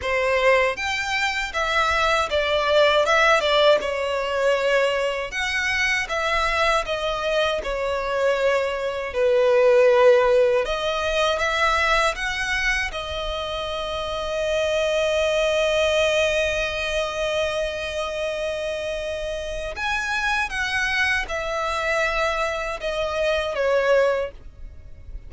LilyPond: \new Staff \with { instrumentName = "violin" } { \time 4/4 \tempo 4 = 79 c''4 g''4 e''4 d''4 | e''8 d''8 cis''2 fis''4 | e''4 dis''4 cis''2 | b'2 dis''4 e''4 |
fis''4 dis''2.~ | dis''1~ | dis''2 gis''4 fis''4 | e''2 dis''4 cis''4 | }